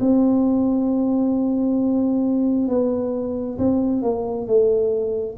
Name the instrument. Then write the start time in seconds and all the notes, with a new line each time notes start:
tuba
0.00 C4
2.69 B3
3.58 C4
4.03 A#3
4.47 A3